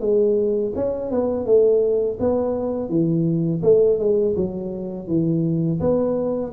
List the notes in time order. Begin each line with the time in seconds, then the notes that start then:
0.00 G#3
0.76 C#4
1.11 B3
1.46 A3
2.19 B3
2.89 E3
3.63 A3
3.99 G#3
4.36 F#3
5.08 E3
5.80 B3